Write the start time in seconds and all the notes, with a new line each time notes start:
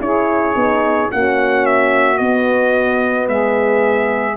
0.00 C#4 E4 G#4 C#5
0.55 B3 D#4
1.10 A#3 C#4 F#4 F#5
1.66 E5
2.16 B3 D#5
3.28 G#3 G#4 E5